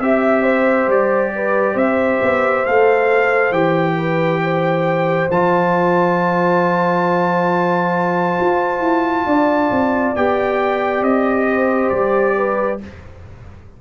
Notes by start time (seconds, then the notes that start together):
0.00 C4 G4 E5
0.43 C5
0.87 G3 D5
1.35 B4
1.74 C4 C5 E5
2.22 B3
2.66 A3 A4 F5
3.51 E3 G4 G5
3.97 B4
4.44 C5
5.31 F3 F4 A5
8.40 F4
8.80 E4
9.26 D4 D5
9.71 C4
10.16 B3 G4 G5
11.02 C4 D#5
11.49 C5
11.90 G3 D5
12.37 B4